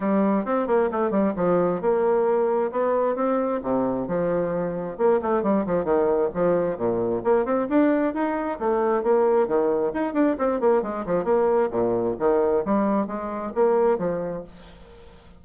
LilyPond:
\new Staff \with { instrumentName = "bassoon" } { \time 4/4 \tempo 4 = 133 g4 c'8 ais8 a8 g8 f4 | ais2 b4 c'4 | c4 f2 ais8 a8 | g8 f8 dis4 f4 ais,4 |
ais8 c'8 d'4 dis'4 a4 | ais4 dis4 dis'8 d'8 c'8 ais8 | gis8 f8 ais4 ais,4 dis4 | g4 gis4 ais4 f4 | }